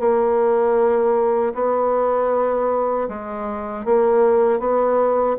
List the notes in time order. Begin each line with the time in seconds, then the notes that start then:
0.00 A#3
1.55 B3
3.09 G#3
3.86 A#3
4.60 B3